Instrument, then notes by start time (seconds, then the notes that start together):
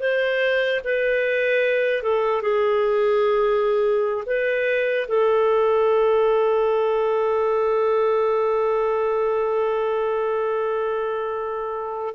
clarinet
0.00 C5
0.84 B4
2.03 A4
2.42 G#4
4.26 B4
5.08 A4